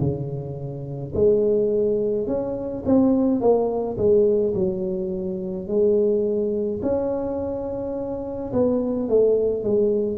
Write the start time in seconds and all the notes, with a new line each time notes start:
0.00 C#3
1.15 G#3
2.27 C#4
2.86 C4
3.41 A#3
3.98 G#3
4.54 F#3
5.68 G#3
6.83 C#4
8.53 B3
9.09 A3
9.64 G#3